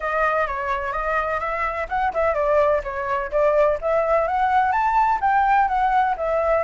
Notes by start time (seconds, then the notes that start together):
0.00 D#5
0.47 C#5
0.92 D#5
1.40 E5
1.89 F#5
2.13 E5
2.34 D5
2.83 C#5
3.31 D5
3.81 E5
4.27 F#5
4.72 A5
5.20 G5
5.68 F#5
6.17 E5